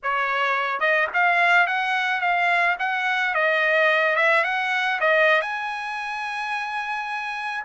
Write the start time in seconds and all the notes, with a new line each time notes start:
0.03 C#5
0.80 D#5
1.13 F5
1.66 F#5
2.20 F5
2.79 F#5
3.34 D#5
4.16 E5
4.44 F#5
5.00 D#5
5.41 G#5